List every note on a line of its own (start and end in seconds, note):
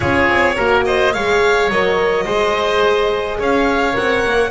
0.00 0.28 C#4
0.00 0.56 F4
0.00 0.55 G#4
0.00 0.81 C#5
0.28 0.57 C4
0.55 1.14 A#3
0.55 1.14 F#4
0.55 0.83 A#4
0.85 1.14 C5
0.85 1.13 D#5
1.13 1.68 G#3
1.13 1.71 G#4
1.13 2.25 C#5
1.13 1.70 F5
1.68 2.24 F#3
1.68 2.27 A#4
1.68 3.40 D#5
2.25 3.39 G#3
2.25 3.93 G#4
2.25 3.38 C5
3.38 3.96 C#4
3.38 4.50 C#5
3.38 3.96 F5
3.93 4.25 C4
3.93 4.49 A#4
3.93 4.50 F#5
4.26 4.50 A#3